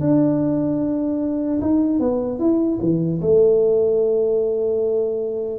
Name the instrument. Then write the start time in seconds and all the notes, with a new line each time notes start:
tuba
0.00 D4
1.61 D#4
1.99 B3
2.39 E4
2.81 E3
3.21 A3